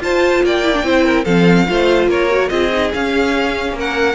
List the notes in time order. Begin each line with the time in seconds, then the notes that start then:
0.00 F4 C5 A5
0.43 A#3 D5 G5
0.64 E4
0.73 D4
0.83 C4 E4 C5
1.04 A#4
1.24 F3 C4 A4 F5
1.67 A3 F4 C5
2.08 A#3 A#4 C#5
2.29 F#4
2.49 C4 F4 G#4 D#5
2.71 D#4
2.94 C#4 F5
3.73 A#3 A#4
3.80 F#5